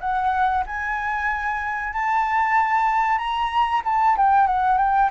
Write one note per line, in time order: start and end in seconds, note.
0.00 0.64 F#5
0.66 1.93 G#5
1.93 3.18 A5
3.18 3.82 A#5
3.85 4.17 A5
4.17 4.47 G5
4.47 4.78 F#5
4.78 5.10 G5